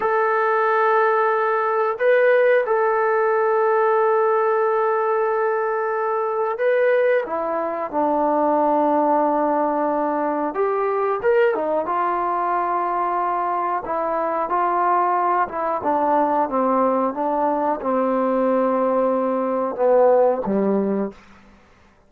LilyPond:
\new Staff \with { instrumentName = "trombone" } { \time 4/4 \tempo 4 = 91 a'2. b'4 | a'1~ | a'2 b'4 e'4 | d'1 |
g'4 ais'8 dis'8 f'2~ | f'4 e'4 f'4. e'8 | d'4 c'4 d'4 c'4~ | c'2 b4 g4 | }